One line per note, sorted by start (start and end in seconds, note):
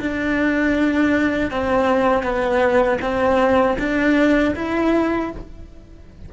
0.00 1.51 D4
1.51 2.23 C4
2.23 2.99 B3
3.01 3.77 C4
3.79 4.55 D4
4.55 5.31 E4